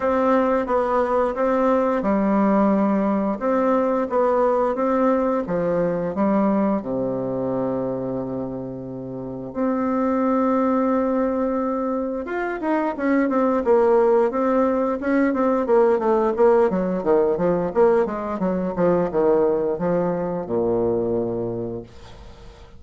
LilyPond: \new Staff \with { instrumentName = "bassoon" } { \time 4/4 \tempo 4 = 88 c'4 b4 c'4 g4~ | g4 c'4 b4 c'4 | f4 g4 c2~ | c2 c'2~ |
c'2 f'8 dis'8 cis'8 c'8 | ais4 c'4 cis'8 c'8 ais8 a8 | ais8 fis8 dis8 f8 ais8 gis8 fis8 f8 | dis4 f4 ais,2 | }